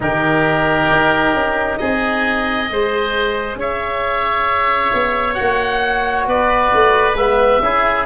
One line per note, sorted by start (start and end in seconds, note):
0.00 0.90 D#3
0.00 2.66 D#4
0.00 1.79 G4
0.00 1.77 A#4
0.91 1.33 D#4
1.33 1.78 C#4
1.77 2.70 C4
1.77 2.69 G#4
1.77 3.56 D#5
2.66 3.55 G#3
2.66 5.35 G#4
2.66 3.59 C5
3.55 4.90 C#4
3.55 6.28 C#5
3.55 5.34 E5
4.93 5.38 B3
5.34 6.26 A#3
5.34 7.14 F#4
5.34 6.24 F#5
6.26 6.71 B3
6.26 7.62 B4
6.26 7.17 D5
6.73 7.15 A3
7.15 7.59 G#3
7.15 7.62 B3
7.15 8.05 E5
7.61 8.05 C#4
7.61 8.05 E4
7.61 8.05 G#4